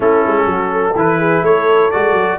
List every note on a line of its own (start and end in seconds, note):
0.00 0.24 A3
0.00 0.93 C#4
0.00 0.46 E4
0.00 0.97 A4
0.26 0.46 G#3
0.46 0.94 F#3
0.46 0.72 F#4
0.72 1.18 A4
0.95 1.42 E3
0.95 1.92 E4
0.95 1.44 B4
1.18 1.42 G#4
1.42 1.90 A3
1.42 2.38 A4
1.42 1.91 C#5
1.91 2.12 G#3
1.91 2.38 F#4
1.91 2.38 D5
2.12 2.36 F#3